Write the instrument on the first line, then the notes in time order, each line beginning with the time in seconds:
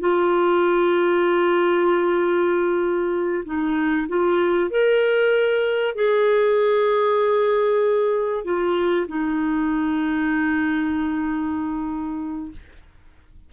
clarinet
0.00 F4
3.45 D#4
4.08 F4
4.70 A#4
5.95 G#4
8.44 F4
9.08 D#4